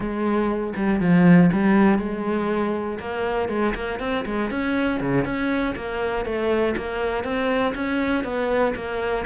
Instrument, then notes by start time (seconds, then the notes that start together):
cello
0.00 G#3
0.75 G3
1.00 F3
1.52 G3
1.98 G#3
2.99 A#3
3.49 G#3
3.75 A#3
3.99 C4
4.25 G#3
4.50 C#4
5.00 C#3
5.25 C#4
5.75 A#3
6.25 A3
6.77 A#3
7.24 C4
7.75 C#4
8.24 B3
8.75 A#3